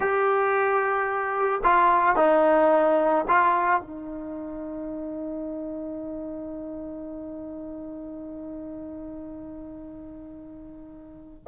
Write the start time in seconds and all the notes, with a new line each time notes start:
0.00 G4
1.63 F4
2.16 D#4
3.28 F4
3.81 D#4